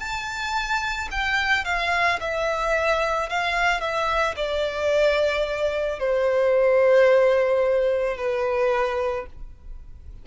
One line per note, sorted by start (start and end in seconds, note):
0.00 1.09 A5
1.12 1.65 G5
1.65 2.20 F5
2.21 3.30 E5
3.30 3.81 F5
3.81 4.35 E5
4.37 6.00 D5
6.00 8.18 C5
8.18 9.27 B4